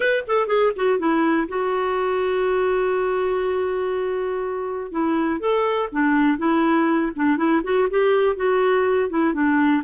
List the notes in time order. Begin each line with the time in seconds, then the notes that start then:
0.00 B4
0.27 A4
0.47 G#4
0.75 F#4
0.98 E4
1.48 F#4
4.91 E4
5.40 A4
5.92 D4
6.38 E4
7.15 D4
7.37 E4
7.63 F#4
7.90 G4
8.35 F#4
9.09 E4
9.33 D4